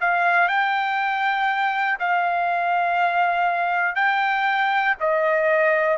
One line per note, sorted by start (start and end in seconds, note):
0.00 0.48 F5
0.48 1.98 G5
1.99 3.95 F5
3.95 4.95 G5
5.00 5.97 D#5